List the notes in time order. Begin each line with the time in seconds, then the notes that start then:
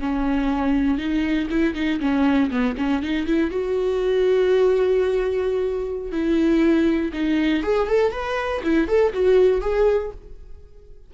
0.00 C#4
0.99 D#4
1.51 E4
1.75 D#4
2.00 C#4
2.51 B3
2.78 C#4
3.03 D#4
3.27 E4
3.51 F#4
6.12 E4
7.13 D#4
7.63 G#4
7.88 A4
8.12 B4
8.64 E4
8.88 A4
9.13 F#4
9.61 G#4